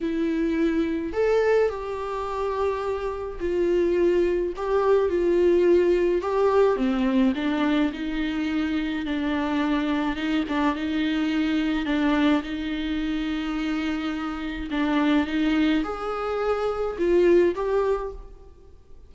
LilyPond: \new Staff \with { instrumentName = "viola" } { \time 4/4 \tempo 4 = 106 e'2 a'4 g'4~ | g'2 f'2 | g'4 f'2 g'4 | c'4 d'4 dis'2 |
d'2 dis'8 d'8 dis'4~ | dis'4 d'4 dis'2~ | dis'2 d'4 dis'4 | gis'2 f'4 g'4 | }